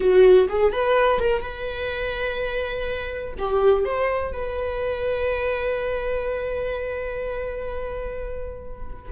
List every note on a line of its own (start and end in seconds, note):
0.00 0.48 F#4
0.48 0.72 G#4
0.72 1.19 B4
1.19 1.42 A#4
1.42 3.34 B4
3.38 3.84 G4
3.84 4.32 C5
4.32 9.11 B4